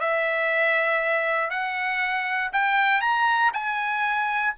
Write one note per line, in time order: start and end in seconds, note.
0.00 1.50 E5
1.50 2.51 F#5
2.52 3.01 G5
3.01 3.51 A#5
3.53 4.54 G#5